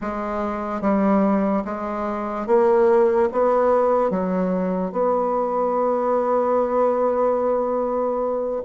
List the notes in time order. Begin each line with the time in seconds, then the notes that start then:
0.01 G#3
0.81 G3
1.64 G#3
2.47 A#3
3.32 B3
4.10 F#3
4.92 B3